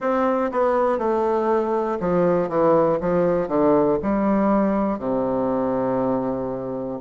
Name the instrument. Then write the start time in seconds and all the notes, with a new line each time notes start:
bassoon
0.00 C4
0.51 B3
0.98 A3
2.00 F3
2.49 E3
3.00 F3
3.47 D3
4.02 G3
4.98 C3